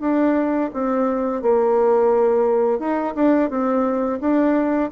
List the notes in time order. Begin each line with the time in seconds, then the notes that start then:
0.00 D4
0.73 C4
1.42 A#3
2.79 D#4
3.15 D4
3.49 C4
4.20 D4